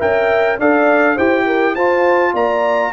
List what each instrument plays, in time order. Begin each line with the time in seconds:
0.00 tuba C#4, trombone A#4, horn E5, trumpet G5
0.59 tuba D4, trombone A4, horn D5, trumpet F5
1.16 tuba E4, trombone G4, horn C5, trumpet G5
1.46 horn A#4
1.75 tuba F4, trombone F4, horn C5, trumpet A5
2.34 tuba A#3, horn D5, trumpet A#5